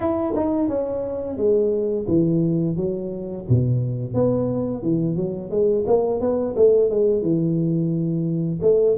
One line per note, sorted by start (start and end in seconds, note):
0.00 0.33 E4
0.35 0.68 D#4
0.68 1.37 C#4
1.37 2.06 G#3
2.07 2.76 E3
2.76 3.45 F#3
3.49 4.14 B2
4.14 4.82 B3
4.82 5.16 E3
5.16 5.50 F#3
5.50 5.84 G#3
5.86 6.20 A#3
6.20 6.55 B3
6.55 6.90 A3
6.90 7.22 G#3
7.22 8.60 E3
8.62 8.96 A3